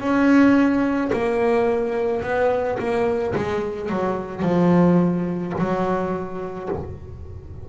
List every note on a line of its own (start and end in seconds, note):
0.00 1.11 C#4
1.13 2.23 A#3
2.23 2.78 B3
2.78 3.34 A#3
3.35 3.89 G#3
3.89 4.42 F#3
4.42 5.53 F3
5.58 6.69 F#3